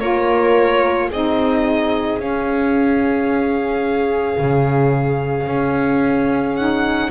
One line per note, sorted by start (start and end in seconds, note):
0.00 1.11 A#3
0.00 1.11 F4
0.00 1.08 A#4
0.00 1.10 C#5
1.08 2.20 C4
1.08 2.20 D#4
1.08 7.08 G#4
1.08 2.21 D#5
2.20 4.38 C#4
2.20 6.57 C#4
2.20 6.57 F5
4.38 5.47 C#3
5.47 7.10 C#4
6.57 7.11 D#4
6.57 7.11 F#5